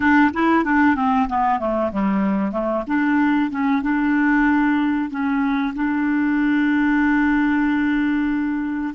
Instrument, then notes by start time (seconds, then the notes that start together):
clarinet
0.00 D4
0.33 E4
0.64 D4
0.95 C4
1.29 B3
1.59 A3
1.91 G3
2.52 A3
2.87 D4
3.50 C#4
3.82 D4
5.10 C#4
5.74 D4